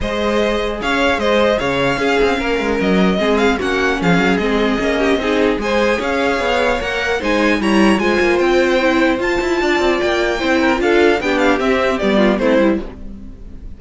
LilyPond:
<<
  \new Staff \with { instrumentName = "violin" } { \time 4/4 \tempo 4 = 150 dis''2 f''4 dis''4 | f''2. dis''4~ | dis''8 f''8 fis''4 f''4 dis''4~ | dis''2 gis''4 f''4~ |
f''4 fis''4 gis''4 ais''4 | gis''4 g''2 a''4~ | a''4 g''2 f''4 | g''8 f''8 e''4 d''4 c''4 | }
  \new Staff \with { instrumentName = "violin" } { \time 4/4 c''2 cis''4 c''4 | cis''4 gis'4 ais'2 | gis'4 fis'4 gis'2~ | gis'8 g'8 gis'4 c''4 cis''4~ |
cis''2 c''4 cis''4 | c''1 | d''2 c''8 ais'8 a'4 | g'2~ g'8 f'8 e'4 | }
  \new Staff \with { instrumentName = "viola" } { \time 4/4 gis'1~ | gis'4 cis'2. | c'4 cis'2 c'4 | cis'4 dis'4 gis'2~ |
gis'4 ais'4 dis'4 e'4 | f'2 e'4 f'4~ | f'2 e'4 f'4 | d'4 c'4 b4 c'8 e'8 | }
  \new Staff \with { instrumentName = "cello" } { \time 4/4 gis2 cis'4 gis4 | cis4 cis'8 c'8 ais8 gis8 fis4 | gis4 ais4 f8 fis8 gis4 | ais4 c'4 gis4 cis'4 |
b4 ais4 gis4 g4 | gis8 ais8 c'2 f'8 e'8 | d'8 c'8 ais4 c'4 d'4 | b4 c'4 g4 a8 g8 | }
>>